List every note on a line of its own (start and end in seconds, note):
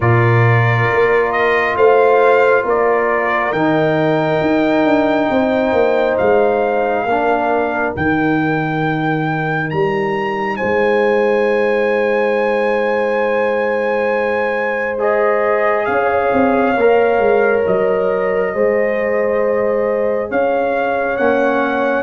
0.00 0.88 A#2
0.00 3.53 F4
0.00 1.73 A#4
0.00 1.32 D5
0.93 1.75 A#3
1.32 1.76 D#5
1.75 2.63 A3
1.75 2.63 C5
1.75 2.65 F5
2.63 3.52 A#3
2.63 5.28 A#4
2.63 3.52 D5
3.52 4.40 D#3
3.52 7.07 D#4
3.52 6.17 G5
4.41 4.85 D#4
4.85 5.29 D4
5.30 5.72 C4
5.30 7.05 C5
5.72 6.17 A#3
6.17 7.05 G#3
6.17 7.94 F5
7.05 7.93 A#3
7.05 7.94 D4
7.05 10.57 A#4
7.94 9.72 D#3
7.94 14.98 D#4
7.94 9.69 G5
9.69 10.60 G3
9.69 10.56 A#5
10.56 15.86 C5
10.56 14.97 G#5
10.62 15.87 G#3
14.98 16.74 G#4
14.98 15.85 D#5
15.85 16.31 C#4
15.85 18.53 C#5
15.85 17.62 F5
16.32 16.76 C4
16.76 17.19 A#3
16.76 18.54 A#4
17.19 17.63 G#3
17.66 18.54 F#3
17.66 20.31 D#5
18.53 20.30 G#3
18.53 21.17 G#4
18.53 20.30 C5
20.30 21.18 C#4
20.30 22.03 C#5
20.30 21.17 F5
21.17 22.03 A#3
21.17 22.03 C#4
21.17 22.03 F#5